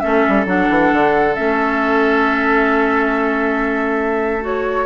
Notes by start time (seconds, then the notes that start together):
0.00 A3 C#4 A4 E5
0.28 G3
0.45 F#3 D4 F#5
0.69 E3
0.93 D3
1.35 A3 C#4 E5
4.41 F#4 C#5